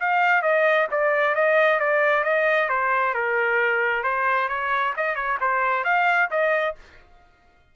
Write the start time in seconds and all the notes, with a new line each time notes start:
0.00 F5
0.43 D#5
0.91 D5
1.35 D#5
1.80 D5
2.24 D#5
2.69 C5
3.14 A#4
4.04 C5
4.49 C#5
4.97 D#5
5.16 C#5
5.41 C5
5.84 F5
6.31 D#5